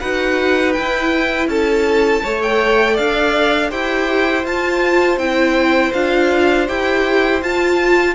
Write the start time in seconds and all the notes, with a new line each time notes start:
0.00 D#4 F#4 B4 F#5
0.73 E4 G5
0.79 E4
1.47 C#4 A4 A5
2.23 A3 A4 C#5
2.42 G5
2.93 D4 D5 F5
3.69 E4 G4 C5 G5
4.44 F4 A5
5.17 C4 E4 G5
5.93 D4 F4 F5
6.67 E4 G4 G5
7.42 F4 A5